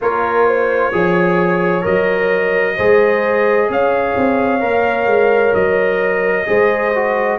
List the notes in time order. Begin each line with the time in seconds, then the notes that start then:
0.01 A#3 F4 A#4 C#5
0.47 C5
0.92 F3 G#4 C#5
1.82 F#3 A#4 D#5
2.76 G#3 G#4 C5
3.69 C#4 C#5 F5
4.16 C4
4.60 A#3 A#4
5.06 G#3
5.53 F#3 D#5
6.46 G#3 G#4 C5
6.94 F#4